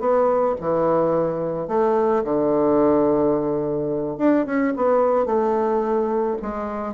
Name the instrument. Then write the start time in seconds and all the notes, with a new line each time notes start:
bassoon
0.00 B3
0.61 E3
1.68 A3
2.24 D3
4.18 D4
4.46 C#4
4.77 B3
5.26 A3
6.42 G#3